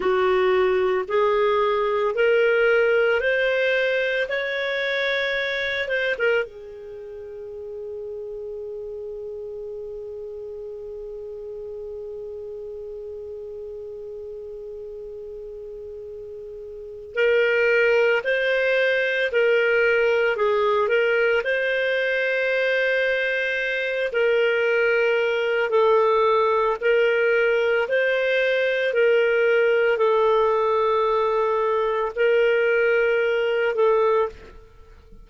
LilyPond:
\new Staff \with { instrumentName = "clarinet" } { \time 4/4 \tempo 4 = 56 fis'4 gis'4 ais'4 c''4 | cis''4. c''16 ais'16 gis'2~ | gis'1~ | gis'1 |
ais'4 c''4 ais'4 gis'8 ais'8 | c''2~ c''8 ais'4. | a'4 ais'4 c''4 ais'4 | a'2 ais'4. a'8 | }